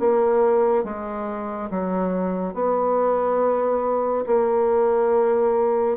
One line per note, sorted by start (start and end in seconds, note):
0.00 0.85 A#3
0.85 1.70 G#3
1.71 2.54 F#3
2.54 4.26 B3
4.27 5.98 A#3